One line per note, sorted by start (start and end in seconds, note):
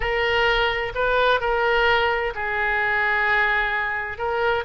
0.00 0.92 A#4
0.94 1.40 B4
1.40 2.33 A#4
2.34 4.18 G#4
4.18 4.64 A#4